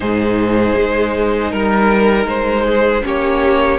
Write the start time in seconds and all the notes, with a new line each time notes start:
0.00 G#2 D#4 G#4 C5
0.76 G#3
1.51 G3 A#4
2.26 G#3 C5
2.65 G#4
3.02 A#3 C#4 G4 C#5